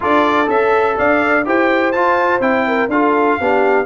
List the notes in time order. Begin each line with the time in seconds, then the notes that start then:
0.00 D4 F4 A4 D5
0.46 C#4 A4 E5
0.97 D4 D5 F5
1.45 E4 G4 C5 G5
1.92 F4 A5
2.40 C4 E4 G5
2.67 A#4
2.88 D4 F4 A4 F5
3.40 B3 D4 G4